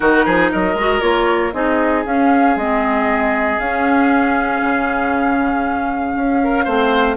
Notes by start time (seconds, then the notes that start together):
0.00 D#3 D#4 F#4 A#4
0.25 F3 G#4
0.51 F#3 A#4 D#5
0.74 G#3 F#4
1.00 A#3 F4 C#5
1.52 C4 D#4 G#4 D#5
2.05 C#4 F5
2.56 G#3 C4 D#5
3.59 C#4 F5
4.62 C#3
6.15 C#4
6.43 A#4
6.64 A3 C4 C5